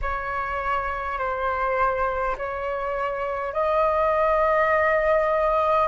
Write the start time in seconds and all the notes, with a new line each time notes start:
0.01 C#5
1.18 C5
2.37 C#5
3.53 D#5